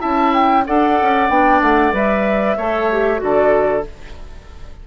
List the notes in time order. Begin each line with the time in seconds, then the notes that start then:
0.00 C#4 E4 E5 A5
0.34 G5
0.67 D4 A4 D5 F#5
1.02 C#4
1.29 B3 D4 G5
1.62 A3 F#5
1.93 G3 B4 E5
2.57 A3 A4 C#5
2.92 G4
3.17 D3 F#4 D5
3.24 A4